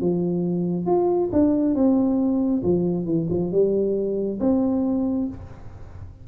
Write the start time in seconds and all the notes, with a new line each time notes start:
0.00 F3
0.86 F4
1.32 D4
1.75 C4
2.63 F3
3.05 E3
3.29 F3
3.52 G3
4.40 C4